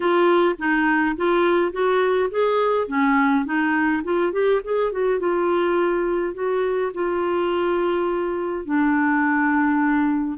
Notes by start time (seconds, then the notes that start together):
0.00 F4
0.58 D#4
1.16 F4
1.72 F#4
2.30 G#4
2.87 C#4
3.45 D#4
4.03 F4
4.32 G4
4.64 G#4
4.91 F#4
5.19 F4
6.34 F#4
6.94 F4
8.65 D4